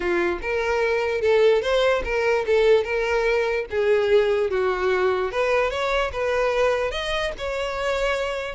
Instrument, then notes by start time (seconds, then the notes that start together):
violin
0.00 F4
0.41 A#4
1.21 A4
1.62 C5
2.04 A#4
2.46 A4
2.84 A#4
3.70 G#4
4.50 F#4
5.31 B4
5.70 C#5
6.12 B4
6.91 D#5
7.38 C#5